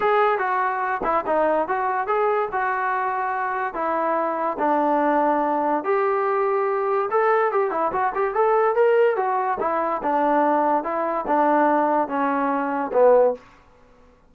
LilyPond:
\new Staff \with { instrumentName = "trombone" } { \time 4/4 \tempo 4 = 144 gis'4 fis'4. e'8 dis'4 | fis'4 gis'4 fis'2~ | fis'4 e'2 d'4~ | d'2 g'2~ |
g'4 a'4 g'8 e'8 fis'8 g'8 | a'4 ais'4 fis'4 e'4 | d'2 e'4 d'4~ | d'4 cis'2 b4 | }